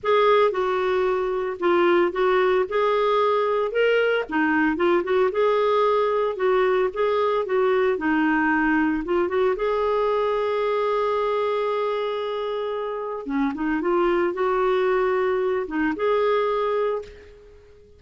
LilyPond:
\new Staff \with { instrumentName = "clarinet" } { \time 4/4 \tempo 4 = 113 gis'4 fis'2 f'4 | fis'4 gis'2 ais'4 | dis'4 f'8 fis'8 gis'2 | fis'4 gis'4 fis'4 dis'4~ |
dis'4 f'8 fis'8 gis'2~ | gis'1~ | gis'4 cis'8 dis'8 f'4 fis'4~ | fis'4. dis'8 gis'2 | }